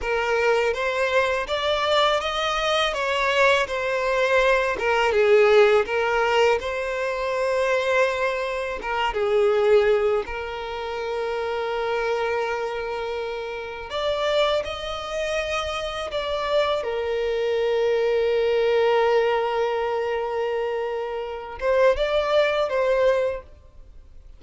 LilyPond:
\new Staff \with { instrumentName = "violin" } { \time 4/4 \tempo 4 = 82 ais'4 c''4 d''4 dis''4 | cis''4 c''4. ais'8 gis'4 | ais'4 c''2. | ais'8 gis'4. ais'2~ |
ais'2. d''4 | dis''2 d''4 ais'4~ | ais'1~ | ais'4. c''8 d''4 c''4 | }